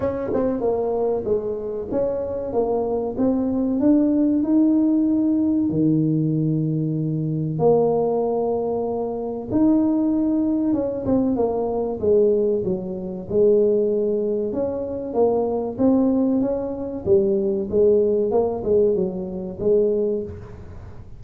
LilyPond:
\new Staff \with { instrumentName = "tuba" } { \time 4/4 \tempo 4 = 95 cis'8 c'8 ais4 gis4 cis'4 | ais4 c'4 d'4 dis'4~ | dis'4 dis2. | ais2. dis'4~ |
dis'4 cis'8 c'8 ais4 gis4 | fis4 gis2 cis'4 | ais4 c'4 cis'4 g4 | gis4 ais8 gis8 fis4 gis4 | }